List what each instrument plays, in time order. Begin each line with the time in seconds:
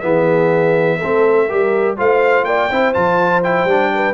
0.00 tuba E3, trombone B3, horn G#4, trumpet E5
0.97 tuba A3, trombone C4, horn A4
1.47 tuba G3, trombone G4, horn A#4
1.97 tuba A3, trombone F4, horn C5, trumpet F5
2.44 tuba A#3, horn D5, trumpet G5
2.70 tuba C4, trombone E4, horn C5
2.93 tuba F3, trombone F4, trumpet A5
3.43 trombone E4, trumpet G5
3.64 tuba G3, trombone D4
3.94 horn B4